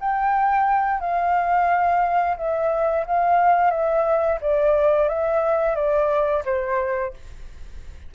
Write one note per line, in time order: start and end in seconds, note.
0.00 1.00 G5
1.00 2.36 F5
2.37 3.05 E5
3.06 3.71 F5
3.71 4.39 E5
4.41 5.09 D5
5.09 5.75 E5
5.75 6.43 D5
6.45 7.13 C5